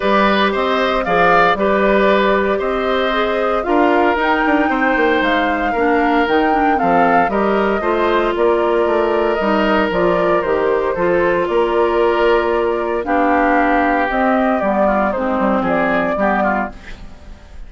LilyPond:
<<
  \new Staff \with { instrumentName = "flute" } { \time 4/4 \tempo 4 = 115 d''4 dis''4 f''4 d''4~ | d''4 dis''2 f''4 | g''2 f''2 | g''4 f''4 dis''2 |
d''2 dis''4 d''4 | c''2 d''2~ | d''4 f''2 dis''4 | d''4 c''4 d''2 | }
  \new Staff \with { instrumentName = "oboe" } { \time 4/4 b'4 c''4 d''4 b'4~ | b'4 c''2 ais'4~ | ais'4 c''2 ais'4~ | ais'4 a'4 ais'4 c''4 |
ais'1~ | ais'4 a'4 ais'2~ | ais'4 g'2.~ | g'8 f'8 dis'4 gis'4 g'8 f'8 | }
  \new Staff \with { instrumentName = "clarinet" } { \time 4/4 g'2 gis'4 g'4~ | g'2 gis'4 f'4 | dis'2. d'4 | dis'8 d'8 c'4 g'4 f'4~ |
f'2 dis'4 f'4 | g'4 f'2.~ | f'4 d'2 c'4 | b4 c'2 b4 | }
  \new Staff \with { instrumentName = "bassoon" } { \time 4/4 g4 c'4 f4 g4~ | g4 c'2 d'4 | dis'8 d'8 c'8 ais8 gis4 ais4 | dis4 f4 g4 a4 |
ais4 a4 g4 f4 | dis4 f4 ais2~ | ais4 b2 c'4 | g4 gis8 g8 f4 g4 | }
>>